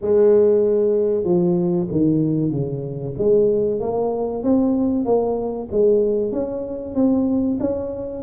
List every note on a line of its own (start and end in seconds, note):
0.01 1.23 G#3
1.23 1.87 F3
1.91 2.51 D#3
2.51 3.14 C#3
3.18 3.80 G#3
3.80 4.43 A#3
4.43 5.05 C4
5.05 5.68 A#3
5.71 6.32 G#3
6.32 6.94 C#4
6.94 7.58 C4
7.60 8.22 C#4